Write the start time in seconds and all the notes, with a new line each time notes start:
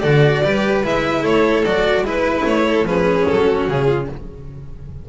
0.00 D3 F#4 A4 D5
0.43 G3 G4 B4
0.83 G#3 E4 E5
1.22 A3 A4 C#5
1.64 F#3 F#4 D5
2.01 G#3 E4 B4
2.44 A3 C#5
2.67 A4
2.84 F3 C#4 G#4 B4
3.26 F#3 A4
3.46 F#4
3.68 C#3 G#4
3.85 F4